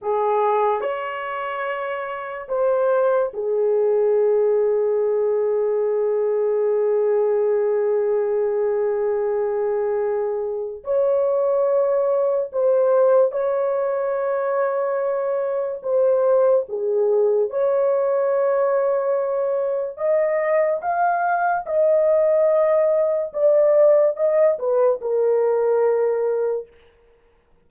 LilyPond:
\new Staff \with { instrumentName = "horn" } { \time 4/4 \tempo 4 = 72 gis'4 cis''2 c''4 | gis'1~ | gis'1~ | gis'4 cis''2 c''4 |
cis''2. c''4 | gis'4 cis''2. | dis''4 f''4 dis''2 | d''4 dis''8 b'8 ais'2 | }